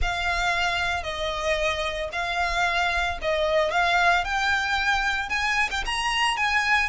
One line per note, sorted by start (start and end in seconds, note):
0.01 1.03 F5
1.03 2.09 D#5
2.12 3.18 F5
3.21 3.71 D#5
3.71 4.24 F5
4.24 5.29 G5
5.29 5.69 G#5
5.70 5.84 G5
5.86 6.36 A#5
6.36 6.89 G#5